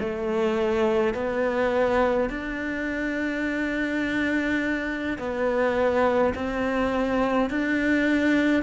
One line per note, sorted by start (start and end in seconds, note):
0.00 1.14 A3
1.14 2.30 B3
2.30 5.18 D4
5.18 6.34 B3
6.35 7.50 C4
7.50 8.63 D4